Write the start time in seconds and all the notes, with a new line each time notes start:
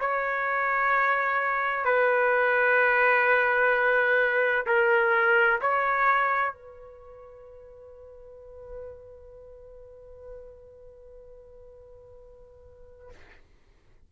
0.00 C#5
1.85 B4
4.66 A#4
5.61 C#5
6.53 B4